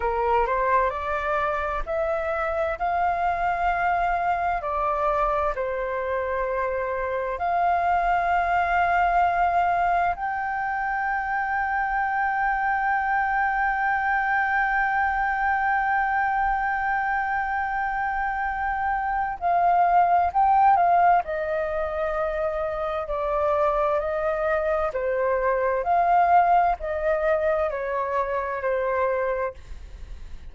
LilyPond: \new Staff \with { instrumentName = "flute" } { \time 4/4 \tempo 4 = 65 ais'8 c''8 d''4 e''4 f''4~ | f''4 d''4 c''2 | f''2. g''4~ | g''1~ |
g''1~ | g''4 f''4 g''8 f''8 dis''4~ | dis''4 d''4 dis''4 c''4 | f''4 dis''4 cis''4 c''4 | }